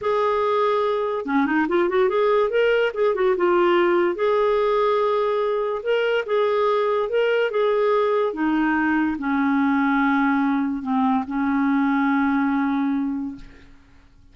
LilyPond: \new Staff \with { instrumentName = "clarinet" } { \time 4/4 \tempo 4 = 144 gis'2. cis'8 dis'8 | f'8 fis'8 gis'4 ais'4 gis'8 fis'8 | f'2 gis'2~ | gis'2 ais'4 gis'4~ |
gis'4 ais'4 gis'2 | dis'2 cis'2~ | cis'2 c'4 cis'4~ | cis'1 | }